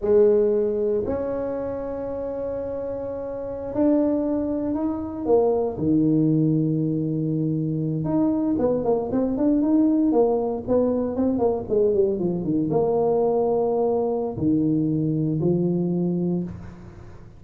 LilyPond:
\new Staff \with { instrumentName = "tuba" } { \time 4/4 \tempo 4 = 117 gis2 cis'2~ | cis'2.~ cis'16 d'8.~ | d'4~ d'16 dis'4 ais4 dis8.~ | dis2.~ dis8. dis'16~ |
dis'8. b8 ais8 c'8 d'8 dis'4 ais16~ | ais8. b4 c'8 ais8 gis8 g8 f16~ | f16 dis8 ais2.~ ais16 | dis2 f2 | }